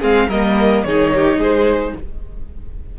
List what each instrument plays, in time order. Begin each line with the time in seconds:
0.00 cello G#3, viola C4, violin G#4 F5
0.29 cello G3, viola A#3, violin A#4 D#5
0.85 cello D#3, viola D#4, violin G#4 C#5
1.15 violin G4
1.37 cello G#3, violin G#4 C5